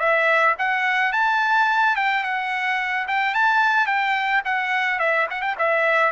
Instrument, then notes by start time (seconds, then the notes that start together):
trumpet
0.00 E5
0.59 F#5
1.13 A5
1.96 G5
2.24 F#5
3.08 G5
3.35 A5
3.87 G5
4.45 F#5
4.99 E5
5.31 F#5
5.42 G5
5.59 E5